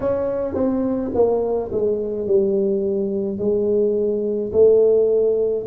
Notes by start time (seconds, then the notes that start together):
0.00 C#4
0.54 C4
1.14 A#3
1.71 G#3
2.26 G3
3.38 G#3
4.52 A3